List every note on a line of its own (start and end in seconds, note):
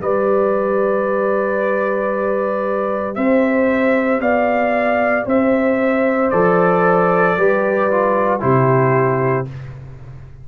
0.00 3.16 G3
0.00 6.32 G4
0.00 3.16 B4
0.00 3.15 D5
3.15 4.20 C4
3.15 4.21 C5
3.15 4.20 E5
4.20 5.25 B3
4.20 5.25 D5
4.20 5.26 F5
5.25 6.30 C4
5.25 7.36 C5
5.25 6.30 E5
6.30 7.37 F3
6.30 7.37 A4
6.30 8.40 D5
7.37 8.42 G3
7.37 7.90 G4
7.37 8.42 B4
7.90 8.39 F4
8.39 9.48 C3
8.39 9.45 E4
8.39 9.47 G4
8.39 9.46 C5